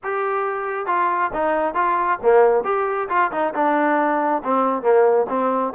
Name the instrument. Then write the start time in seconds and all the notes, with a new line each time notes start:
trombone
0.03 G4
0.86 F4
1.33 D#4
1.74 F4
2.22 A#3
2.64 G4
3.09 F4
3.31 D#4
3.54 D4
4.43 C4
4.82 A#3
5.29 C4